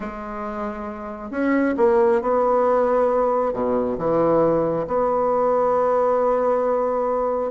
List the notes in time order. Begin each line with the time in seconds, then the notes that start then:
0.00 G#3
1.30 C#4
1.77 A#3
2.21 B3
3.53 B2
3.97 E3
4.87 B3